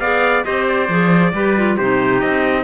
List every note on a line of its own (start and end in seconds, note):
0.00 0.44 B3
0.00 0.45 G#4
0.00 0.45 D5
0.00 0.44 F5
0.45 0.89 C4
0.45 0.89 G4
0.45 1.34 C5
0.45 0.67 D#5
0.68 1.77 D5
0.89 1.33 F3
0.89 1.34 G#4
1.34 1.78 G3
1.34 1.57 G4
1.34 1.77 B4
1.58 1.80 F4
1.77 2.23 C3
1.77 2.64 D#4
1.77 2.64 G4
1.77 2.21 C5
2.21 2.64 C4
2.21 2.64 D#5